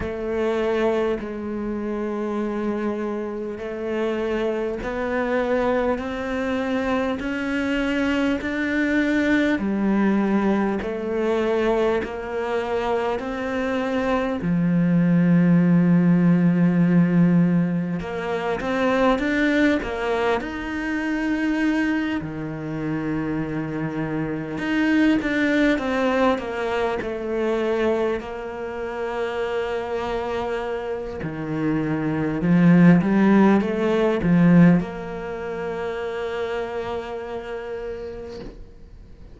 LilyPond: \new Staff \with { instrumentName = "cello" } { \time 4/4 \tempo 4 = 50 a4 gis2 a4 | b4 c'4 cis'4 d'4 | g4 a4 ais4 c'4 | f2. ais8 c'8 |
d'8 ais8 dis'4. dis4.~ | dis8 dis'8 d'8 c'8 ais8 a4 ais8~ | ais2 dis4 f8 g8 | a8 f8 ais2. | }